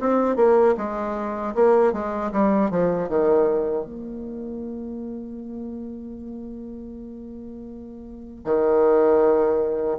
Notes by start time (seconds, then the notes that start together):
0.00 C4
0.36 A#3
0.78 G#3
1.55 A#3
1.93 G#3
2.32 G3
2.71 F3
3.09 D#3
3.85 A#3
8.44 D#3